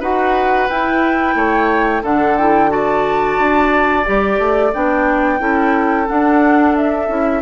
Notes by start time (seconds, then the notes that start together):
0.00 D#4 F#4 B4 F#5
0.68 E4 G5
1.35 A3 C#5
2.02 D3 D4 A4 F#5
2.38 E4 G5
2.69 F#4 D5 A5
3.38 D4
4.04 G3 G4 D5
4.38 A3
4.73 B3 D4 G5
5.39 C#4 E4 A4
6.07 D4 F#5
6.76 E5
7.08 C#4 E4